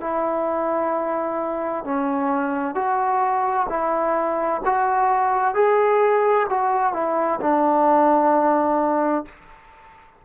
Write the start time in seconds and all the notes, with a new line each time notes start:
0.00 E4
1.84 C#4
2.74 F#4
3.69 E4
4.65 F#4
5.54 G#4
6.49 F#4
6.93 E4
7.41 D4